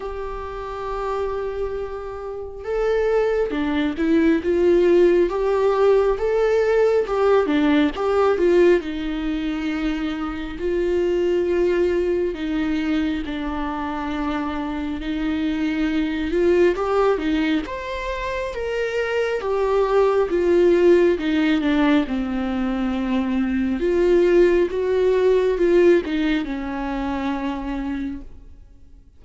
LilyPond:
\new Staff \with { instrumentName = "viola" } { \time 4/4 \tempo 4 = 68 g'2. a'4 | d'8 e'8 f'4 g'4 a'4 | g'8 d'8 g'8 f'8 dis'2 | f'2 dis'4 d'4~ |
d'4 dis'4. f'8 g'8 dis'8 | c''4 ais'4 g'4 f'4 | dis'8 d'8 c'2 f'4 | fis'4 f'8 dis'8 cis'2 | }